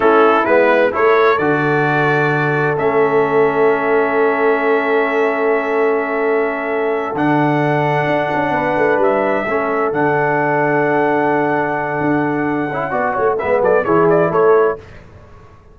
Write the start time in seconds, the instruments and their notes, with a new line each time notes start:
0.00 tuba A3, trombone C#4, horn E4, trumpet A4
0.45 tuba G#3, trombone B3, trumpet B4
0.91 tuba A3, trombone E4, horn A4, trumpet C#5
1.37 tuba D3, trombone F#4, trumpet D5
2.77 tuba A3, trombone C#4, trumpet E5
7.13 tuba D3, trombone D4, trumpet F#5
8.06 tuba D4
8.34 tuba C#4
8.51 tuba B3, horn B4
8.77 tuba A3
8.97 tuba G3, trumpet E5
9.45 tuba A3, trombone C#4, horn A4
9.92 tuba D3, trombone D4, trumpet F#5
12.01 tuba D4
12.70 tuba C#4, trombone E4
12.90 tuba B3, trombone F#4, horn D5
13.13 tuba A3, horn C#5
13.38 tuba G#3, trombone B3, horn B4, trumpet E5
13.60 tuba F#3, horn A4, trumpet D5
13.84 tuba E3, trombone E4, horn G#4, trumpet C#5
14.09 trumpet D5
14.30 tuba A3, horn A4, trumpet C#5